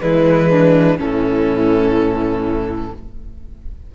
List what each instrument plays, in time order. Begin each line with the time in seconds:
0.00 cello E3, viola G#3, violin E4 B4
0.50 violin D4
0.98 cello A2, viola E3, violin C#4 A4